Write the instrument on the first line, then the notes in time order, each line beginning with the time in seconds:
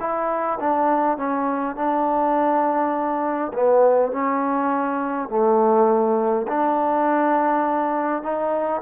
trombone
0.00 E4
0.60 D4
1.18 C#4
1.76 D4
3.53 B3
4.12 C#4
5.29 A3
6.48 D4
8.23 D#4